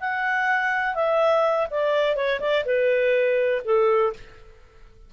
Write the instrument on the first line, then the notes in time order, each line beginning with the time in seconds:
clarinet
0.00 F#5
0.95 E5
1.70 D5
2.16 C#5
2.40 D5
2.65 B4
3.65 A4